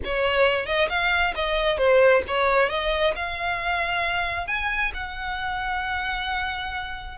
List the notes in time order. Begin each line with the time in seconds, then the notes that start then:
0.04 C#5
0.66 D#5
0.89 F5
1.35 D#5
1.77 C5
2.27 C#5
2.69 D#5
3.15 F5
4.47 G#5
4.94 F#5